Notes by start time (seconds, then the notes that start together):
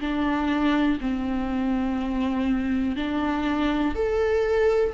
0.00 D4
1.01 C4
2.96 D4
3.94 A4